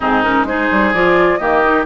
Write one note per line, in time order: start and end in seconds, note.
0.00 0.44 G#2
0.00 0.23 C4
0.00 0.46 D#4
0.00 0.22 G#4
0.22 0.46 C#4
0.22 0.45 A#4
0.44 0.67 G#3
0.44 0.94 D#4
0.44 1.39 G#4
0.44 0.93 C5
0.71 0.93 G3
0.93 1.40 F3
0.93 1.40 F4
0.93 1.37 D5
1.37 1.85 D#3
1.37 1.63 A#3
1.37 1.85 G4
1.37 1.83 D#5
1.63 1.85 D#4